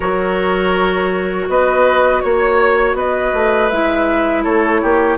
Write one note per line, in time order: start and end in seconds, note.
0.00 1.47 F#3
0.00 3.70 F#4
0.00 1.48 A#4
0.00 1.48 C#5
1.48 2.22 B3
1.48 2.23 B4
1.48 2.21 D#5
2.21 2.94 A#3
2.21 2.95 C#5
2.21 2.96 C#5
2.94 3.31 B3
2.94 4.43 B4
2.94 3.69 D#5
3.33 3.70 A3
3.69 4.45 G#3
3.69 5.17 E4
3.69 4.43 E5
4.43 4.82 A3
4.43 4.80 A4
4.43 5.17 C#5
4.81 5.17 A#3
4.81 5.17 G4